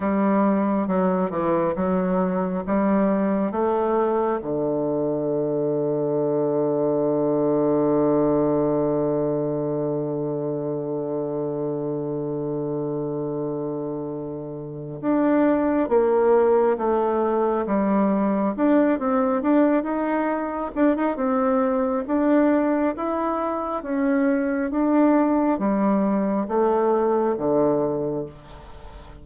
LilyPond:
\new Staff \with { instrumentName = "bassoon" } { \time 4/4 \tempo 4 = 68 g4 fis8 e8 fis4 g4 | a4 d2.~ | d1~ | d1~ |
d4 d'4 ais4 a4 | g4 d'8 c'8 d'8 dis'4 d'16 dis'16 | c'4 d'4 e'4 cis'4 | d'4 g4 a4 d4 | }